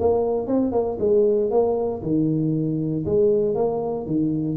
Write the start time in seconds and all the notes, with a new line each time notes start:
0.00 A#3
0.47 C4
0.72 A#3
1.00 G#3
1.51 A#3
2.03 D#3
3.06 G#3
3.55 A#3
4.07 D#3